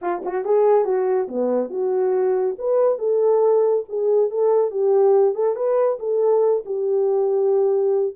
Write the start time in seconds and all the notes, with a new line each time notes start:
0.01 F4
0.25 F#4
0.44 G#4
0.85 F#4
1.27 B3
1.70 F#4
2.58 B4
2.98 A4
3.88 G#4
4.30 A4
4.70 G4
5.35 A4
5.55 B4
5.99 A4
6.65 G4